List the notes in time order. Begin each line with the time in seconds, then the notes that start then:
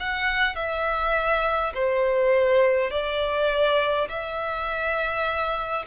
0.00 F#5
0.56 E5
1.74 C5
2.91 D5
4.09 E5